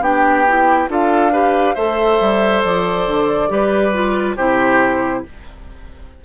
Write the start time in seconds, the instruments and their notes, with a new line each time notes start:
0.00 bassoon B3, clarinet D4, oboe G4, flute G5
0.48 clarinet E4
0.88 bassoon D4, clarinet F4, oboe A4, flute F5
1.32 clarinet G4, oboe B4
1.74 bassoon A3, clarinet A4, oboe C5, flute E5
2.20 bassoon G3
2.63 bassoon F3, flute D5
3.06 bassoon D3
3.48 bassoon G3, clarinet G4, oboe B4
3.93 clarinet F4
4.36 bassoon C3, clarinet E4, oboe G4, flute C5